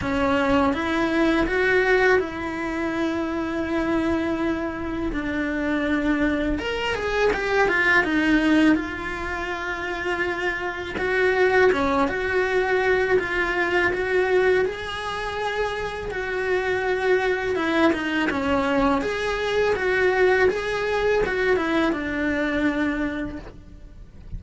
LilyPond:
\new Staff \with { instrumentName = "cello" } { \time 4/4 \tempo 4 = 82 cis'4 e'4 fis'4 e'4~ | e'2. d'4~ | d'4 ais'8 gis'8 g'8 f'8 dis'4 | f'2. fis'4 |
cis'8 fis'4. f'4 fis'4 | gis'2 fis'2 | e'8 dis'8 cis'4 gis'4 fis'4 | gis'4 fis'8 e'8 d'2 | }